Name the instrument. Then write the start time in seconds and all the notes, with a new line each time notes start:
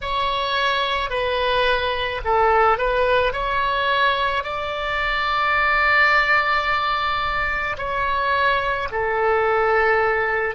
oboe
0.01 C#5
1.10 B4
2.24 A4
2.78 B4
3.32 C#5
4.43 D5
7.77 C#5
8.91 A4